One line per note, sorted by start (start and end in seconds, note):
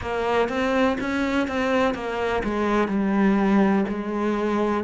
0.01 0.48 A#3
0.48 0.97 C4
1.00 1.47 C#4
1.47 1.94 C4
1.94 2.42 A#3
2.43 2.88 G#3
2.88 3.84 G3
3.88 4.83 G#3